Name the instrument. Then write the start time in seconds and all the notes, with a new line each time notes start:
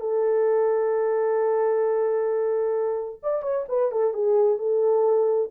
horn
0.00 A4
3.23 D5
3.42 C#5
3.68 B4
3.91 A4
4.14 G#4
4.58 A4